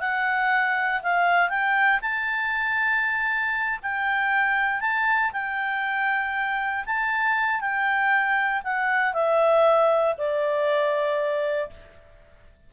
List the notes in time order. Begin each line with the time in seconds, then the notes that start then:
0.00 F#5
1.02 F5
1.49 G5
2.01 A5
3.83 G5
4.80 A5
5.32 G5
6.86 A5
7.60 G5
8.63 F#5
9.13 E5
10.17 D5